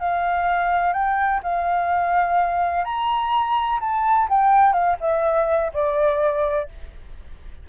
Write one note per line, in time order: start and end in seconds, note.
0.00 0.93 F5
0.93 1.41 G5
1.43 2.85 F5
2.85 3.80 A#5
3.81 4.28 A5
4.29 4.73 G5
4.73 4.97 F5
5.00 5.72 E5
5.73 6.69 D5